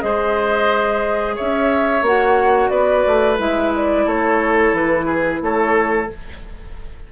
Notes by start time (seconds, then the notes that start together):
0.00 G#3 G#4 C5 D#5
1.35 C#4 C#5 E5
2.01 A#3 F#4 F#5
2.69 B3 B4 D5
3.06 A3
3.37 G#3 E4 E5
3.76 D5
4.05 A3 A4 C#5
4.73 E3 B4
5.05 G#4
5.41 A3 A4 C#5